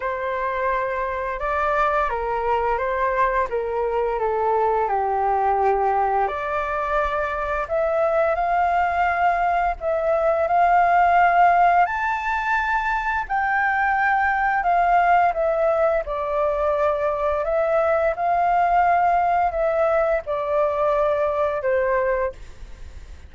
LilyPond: \new Staff \with { instrumentName = "flute" } { \time 4/4 \tempo 4 = 86 c''2 d''4 ais'4 | c''4 ais'4 a'4 g'4~ | g'4 d''2 e''4 | f''2 e''4 f''4~ |
f''4 a''2 g''4~ | g''4 f''4 e''4 d''4~ | d''4 e''4 f''2 | e''4 d''2 c''4 | }